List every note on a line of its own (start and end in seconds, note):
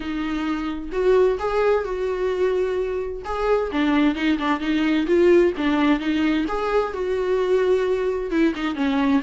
0.00 0.90 D#4
0.91 1.38 F#4
1.39 1.84 G#4
1.84 3.22 F#4
3.24 3.70 G#4
3.71 4.15 D4
4.15 4.38 D#4
4.38 4.60 D4
4.60 5.06 D#4
5.06 5.53 F4
5.57 5.99 D4
5.99 6.45 D#4
6.48 6.93 G#4
6.93 8.30 F#4
8.30 8.53 E4
8.55 8.75 D#4
8.75 9.21 C#4